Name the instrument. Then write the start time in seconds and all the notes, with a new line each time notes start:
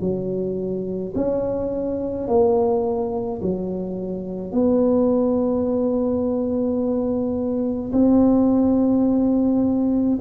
tuba
0.00 F#3
1.15 C#4
2.27 A#3
3.41 F#3
4.51 B3
7.92 C4